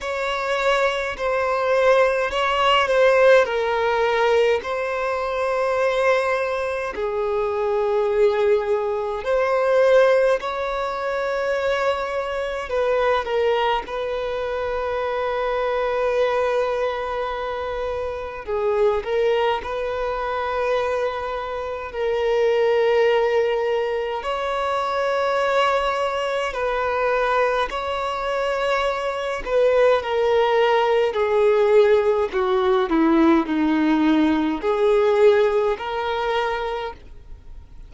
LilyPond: \new Staff \with { instrumentName = "violin" } { \time 4/4 \tempo 4 = 52 cis''4 c''4 cis''8 c''8 ais'4 | c''2 gis'2 | c''4 cis''2 b'8 ais'8 | b'1 |
gis'8 ais'8 b'2 ais'4~ | ais'4 cis''2 b'4 | cis''4. b'8 ais'4 gis'4 | fis'8 e'8 dis'4 gis'4 ais'4 | }